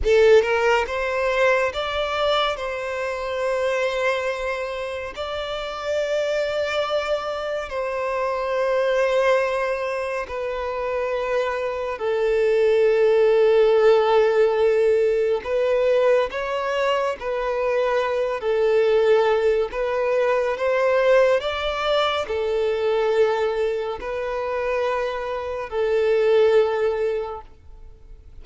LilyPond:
\new Staff \with { instrumentName = "violin" } { \time 4/4 \tempo 4 = 70 a'8 ais'8 c''4 d''4 c''4~ | c''2 d''2~ | d''4 c''2. | b'2 a'2~ |
a'2 b'4 cis''4 | b'4. a'4. b'4 | c''4 d''4 a'2 | b'2 a'2 | }